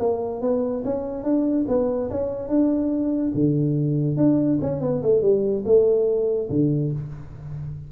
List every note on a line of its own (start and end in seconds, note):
0.00 0.42 A#3
0.42 0.84 B3
0.85 1.24 C#4
1.24 1.66 D4
1.68 2.10 B3
2.11 2.49 C#4
2.49 3.33 D4
3.35 4.17 D3
4.17 4.59 D4
4.62 4.81 C#4
4.81 5.02 B3
5.03 5.22 A3
5.22 5.64 G3
5.65 6.49 A3
6.50 6.92 D3